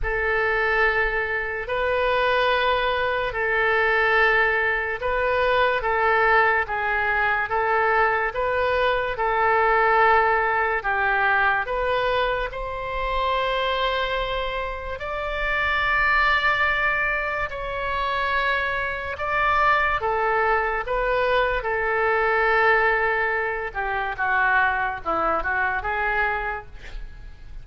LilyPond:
\new Staff \with { instrumentName = "oboe" } { \time 4/4 \tempo 4 = 72 a'2 b'2 | a'2 b'4 a'4 | gis'4 a'4 b'4 a'4~ | a'4 g'4 b'4 c''4~ |
c''2 d''2~ | d''4 cis''2 d''4 | a'4 b'4 a'2~ | a'8 g'8 fis'4 e'8 fis'8 gis'4 | }